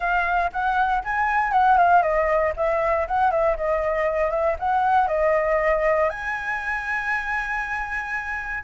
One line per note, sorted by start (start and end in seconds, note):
0.00 0.51 F5
0.52 1.03 F#5
1.04 1.52 G#5
1.52 1.77 F#5
1.77 2.02 F5
2.02 2.53 D#5
2.56 3.07 E5
3.07 3.31 F#5
3.31 3.56 E5
3.56 4.30 D#5
4.30 4.56 E5
4.59 5.07 F#5
5.07 6.09 D#5
6.09 8.63 G#5